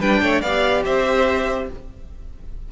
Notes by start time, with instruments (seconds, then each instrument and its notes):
0.00 cello G3, viola D4, violin B4 G5
0.22 cello A3, violin C#5
0.41 cello B3, viola G4, violin D5 F5
0.85 cello C4, violin C5 E5